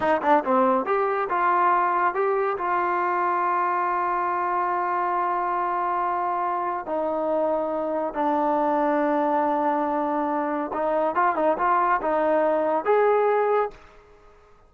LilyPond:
\new Staff \with { instrumentName = "trombone" } { \time 4/4 \tempo 4 = 140 dis'8 d'8 c'4 g'4 f'4~ | f'4 g'4 f'2~ | f'1~ | f'1 |
dis'2. d'4~ | d'1~ | d'4 dis'4 f'8 dis'8 f'4 | dis'2 gis'2 | }